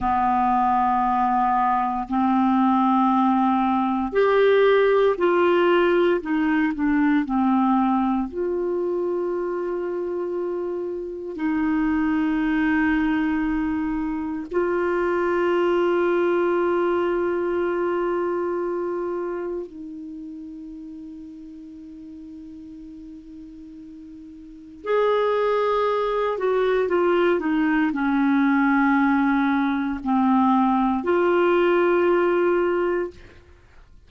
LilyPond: \new Staff \with { instrumentName = "clarinet" } { \time 4/4 \tempo 4 = 58 b2 c'2 | g'4 f'4 dis'8 d'8 c'4 | f'2. dis'4~ | dis'2 f'2~ |
f'2. dis'4~ | dis'1 | gis'4. fis'8 f'8 dis'8 cis'4~ | cis'4 c'4 f'2 | }